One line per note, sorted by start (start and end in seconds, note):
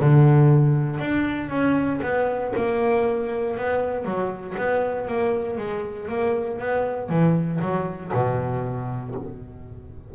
0.00 1.00 D3
1.00 1.50 D4
1.50 2.00 C#4
2.02 2.53 B3
2.56 3.58 A#3
3.58 4.05 B3
4.05 4.56 F#3
4.58 5.08 B3
5.08 5.58 A#3
5.58 6.08 G#3
6.08 6.59 A#3
6.59 7.09 B3
7.09 7.60 E3
7.61 8.12 F#3
8.13 9.15 B2